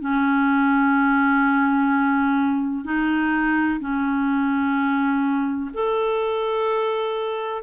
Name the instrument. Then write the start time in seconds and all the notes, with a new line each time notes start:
clarinet
0.00 C#4
2.84 D#4
3.80 C#4
5.74 A4